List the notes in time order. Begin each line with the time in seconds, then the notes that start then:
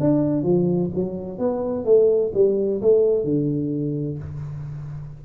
0.00 D4
0.43 F3
0.95 F#3
1.39 B3
1.85 A3
2.34 G3
2.82 A3
3.24 D3